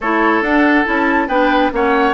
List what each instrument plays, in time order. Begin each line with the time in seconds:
0.00 bassoon A3, clarinet E4, oboe A4, flute C#5
0.41 bassoon D4, clarinet D4, flute F#5
0.84 bassoon C#4, clarinet E4, flute A5
1.27 bassoon B3, clarinet D4, oboe B4, flute G5
1.72 bassoon A#3, clarinet C#4, oboe C#5, flute F#5